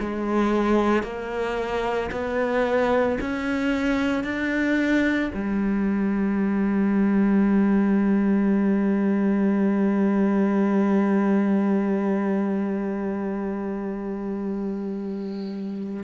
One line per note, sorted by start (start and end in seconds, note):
0.00 1.03 G#3
1.03 2.10 A#3
2.11 3.19 B3
3.21 4.24 C#4
4.24 5.31 D4
5.35 16.04 G3